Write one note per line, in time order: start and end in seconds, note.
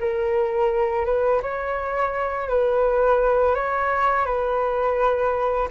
0.00 1.05 A#4
1.05 1.41 B4
1.42 2.48 C#5
2.48 3.55 B4
3.55 4.25 C#5
4.25 5.68 B4